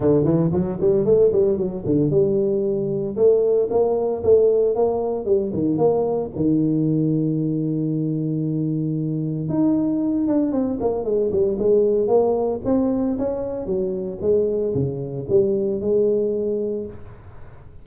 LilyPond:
\new Staff \with { instrumentName = "tuba" } { \time 4/4 \tempo 4 = 114 d8 e8 fis8 g8 a8 g8 fis8 d8 | g2 a4 ais4 | a4 ais4 g8 dis8 ais4 | dis1~ |
dis2 dis'4. d'8 | c'8 ais8 gis8 g8 gis4 ais4 | c'4 cis'4 fis4 gis4 | cis4 g4 gis2 | }